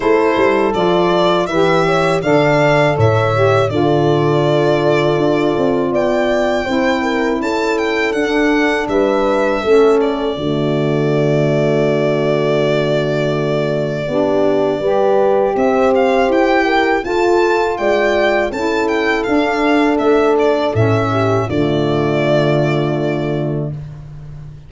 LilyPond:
<<
  \new Staff \with { instrumentName = "violin" } { \time 4/4 \tempo 4 = 81 c''4 d''4 e''4 f''4 | e''4 d''2. | g''2 a''8 g''8 fis''4 | e''4. d''2~ d''8~ |
d''1~ | d''4 e''8 f''8 g''4 a''4 | g''4 a''8 g''8 f''4 e''8 d''8 | e''4 d''2. | }
  \new Staff \with { instrumentName = "horn" } { \time 4/4 a'2 b'8 cis''8 d''4 | cis''4 a'2. | d''4 c''8 ais'8 a'2 | b'4 a'4 fis'2~ |
fis'2. g'4 | b'4 c''4. ais'8 a'4 | d''4 a'2.~ | a'8 g'8 f'2. | }
  \new Staff \with { instrumentName = "saxophone" } { \time 4/4 e'4 f'4 g'4 a'4~ | a'8 g'8 f'2.~ | f'4 e'2 d'4~ | d'4 cis'4 a2~ |
a2. d'4 | g'2. f'4~ | f'4 e'4 d'2 | cis'4 a2. | }
  \new Staff \with { instrumentName = "tuba" } { \time 4/4 a8 g8 f4 e4 d4 | a,4 d2 d'8 c'8 | b4 c'4 cis'4 d'4 | g4 a4 d2~ |
d2. b4 | g4 c'4 e'4 f'4 | gis4 cis'4 d'4 a4 | a,4 d2. | }
>>